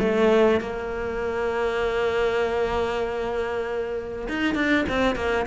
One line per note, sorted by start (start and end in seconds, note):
0.00 0.61 A3
0.61 4.28 A#3
4.29 4.55 D#4
4.55 4.86 D4
4.89 5.16 C4
5.16 5.47 A#3